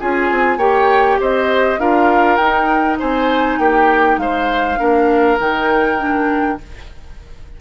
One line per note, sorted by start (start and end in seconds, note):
0.00 0.31 C#4
0.00 0.60 F4
0.00 0.58 G#4
0.00 0.60 G#5
0.31 0.58 C4
0.58 1.18 A#3
0.58 1.79 G4
0.58 1.18 C#5
0.58 1.20 G5
1.21 1.79 C4
1.21 1.80 C5
1.21 1.80 D#5
1.79 2.39 D4
1.79 2.39 F4
1.79 2.99 A#4
1.79 2.37 F5
2.37 2.99 D#4
2.37 4.78 D#4
2.37 2.97 G5
2.99 3.59 C4
2.99 3.59 C5
2.99 3.60 G#5
3.59 4.18 A#3
3.59 4.21 G4
3.59 4.19 G5
4.18 4.78 G#3
4.18 4.79 C5
4.18 5.39 F5
4.78 5.40 A#3
4.78 5.38 D4
4.78 6.59 A#4
5.40 6.59 D#3
5.40 5.99 D#4
5.40 6.61 G5
5.99 6.58 D4